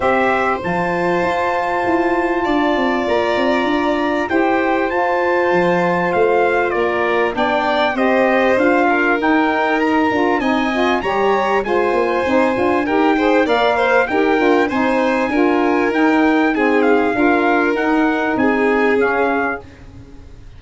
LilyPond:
<<
  \new Staff \with { instrumentName = "trumpet" } { \time 4/4 \tempo 4 = 98 e''4 a''2.~ | a''4 ais''2 g''4 | a''2 f''4 d''4 | g''4 dis''4 f''4 g''4 |
ais''4 gis''4 ais''4 gis''4~ | gis''4 g''4 f''4 g''4 | gis''2 g''4 gis''8 f''8~ | f''4 fis''4 gis''4 f''4 | }
  \new Staff \with { instrumentName = "violin" } { \time 4/4 c''1 | d''2. c''4~ | c''2. ais'4 | d''4 c''4. ais'4.~ |
ais'4 dis''4 cis''4 c''4~ | c''4 ais'8 c''8 d''8 c''8 ais'4 | c''4 ais'2 gis'4 | ais'2 gis'2 | }
  \new Staff \with { instrumentName = "saxophone" } { \time 4/4 g'4 f'2.~ | f'2. g'4 | f'1 | d'4 g'4 f'4 dis'4~ |
dis'8 f'8 dis'8 f'8 g'4 f'4 | dis'8 f'8 g'8 gis'8 ais'4 g'8 f'8 | dis'4 f'4 dis'4 c'4 | f'4 dis'2 cis'4 | }
  \new Staff \with { instrumentName = "tuba" } { \time 4/4 c'4 f4 f'4 e'4 | d'8 c'8 ais8 c'8 d'4 e'4 | f'4 f4 a4 ais4 | b4 c'4 d'4 dis'4~ |
dis'8 d'8 c'4 g4 gis8 ais8 | c'8 d'8 dis'4 ais4 dis'8 d'8 | c'4 d'4 dis'2 | d'4 dis'4 c'4 cis'4 | }
>>